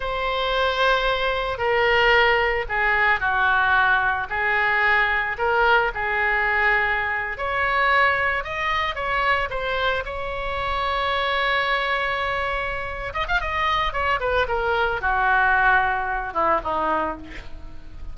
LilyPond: \new Staff \with { instrumentName = "oboe" } { \time 4/4 \tempo 4 = 112 c''2. ais'4~ | ais'4 gis'4 fis'2 | gis'2 ais'4 gis'4~ | gis'4.~ gis'16 cis''2 dis''16~ |
dis''8. cis''4 c''4 cis''4~ cis''16~ | cis''1~ | cis''8 dis''16 f''16 dis''4 cis''8 b'8 ais'4 | fis'2~ fis'8 e'8 dis'4 | }